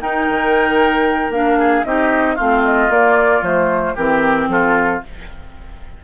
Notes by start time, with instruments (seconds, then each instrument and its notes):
0.00 clarinet D#4, bassoon D#4, oboe A#4, flute G5
0.29 bassoon D#3
1.29 bassoon A#3, clarinet D4, flute F5
1.58 oboe G#4
1.84 bassoon C4, clarinet D#4, oboe G4, flute D#5
2.35 bassoon A3, clarinet C4, oboe F4, flute F5
2.65 flute D#5
2.89 bassoon A#3, clarinet A#3, flute D5
3.41 bassoon F3, clarinet A3, flute C5
3.95 bassoon E3, clarinet C4, oboe G4, flute A#4
4.48 bassoon F3, oboe F4, flute A4